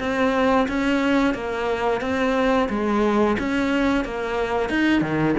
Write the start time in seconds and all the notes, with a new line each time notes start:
0.00 C4
0.68 C#4
1.34 A#3
2.01 C4
2.70 G#3
3.39 C#4
4.05 A#3
4.69 D#4
5.02 D#3